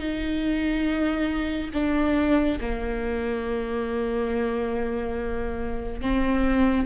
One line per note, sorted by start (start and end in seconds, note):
0.00 1.71 D#4
1.74 2.59 D4
2.61 6.02 A#3
6.02 6.86 C4